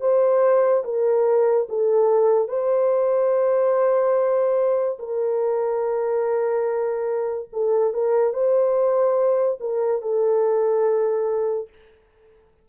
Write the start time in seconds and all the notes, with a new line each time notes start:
0.00 C5
0.84 A#4
1.69 A4
2.48 C5
4.99 A#4
7.53 A4
7.93 A#4
8.34 C5
9.60 A#4
10.02 A4